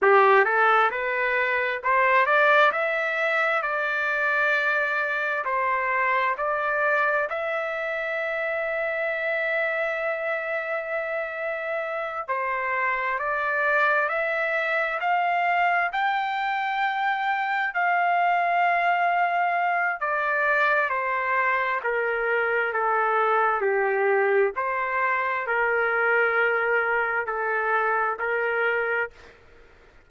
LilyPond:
\new Staff \with { instrumentName = "trumpet" } { \time 4/4 \tempo 4 = 66 g'8 a'8 b'4 c''8 d''8 e''4 | d''2 c''4 d''4 | e''1~ | e''4. c''4 d''4 e''8~ |
e''8 f''4 g''2 f''8~ | f''2 d''4 c''4 | ais'4 a'4 g'4 c''4 | ais'2 a'4 ais'4 | }